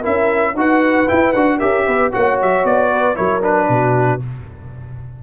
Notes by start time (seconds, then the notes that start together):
0.00 E4 A#4 E5
0.06 C#4
0.55 D#4 F#4 B4 F#5
1.08 E4 G5
1.33 D4 F#4 F#5
1.58 C#4 G4 A#4 E5
1.86 B3 B4
2.12 A#3 F#4 C#5 F#5
2.41 F#3 E5
2.64 B3 D5
2.91 B4
3.15 F#3 E4 A#4 C#5
3.41 D4 B4
3.69 B2 F#4